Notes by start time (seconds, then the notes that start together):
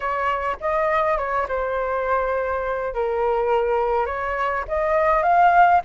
0.00 C#5
0.60 D#5
1.17 C#5
1.48 C5
2.94 A#4
4.06 C#5
4.68 D#5
5.23 F5